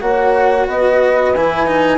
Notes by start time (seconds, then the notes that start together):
0.00 A#3 F#4 C#5 F#5
0.67 B3 B4 D#5
1.34 E3 E4 G#5
1.67 D#4